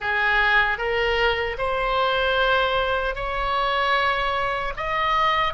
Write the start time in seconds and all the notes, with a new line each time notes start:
0.00 G#4
0.78 A#4
1.58 C5
3.15 C#5
4.76 D#5